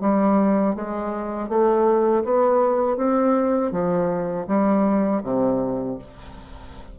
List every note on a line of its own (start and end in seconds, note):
0.00 0.75 G3
0.75 1.48 G#3
1.48 2.23 A3
2.24 2.97 B3
2.97 3.71 C4
3.71 4.46 F3
4.47 5.22 G3
5.23 5.98 C3